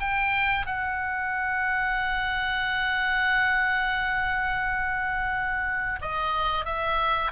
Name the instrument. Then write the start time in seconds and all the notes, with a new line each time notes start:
oboe
0.00 G5
0.66 F#5
6.02 D#5
6.65 E5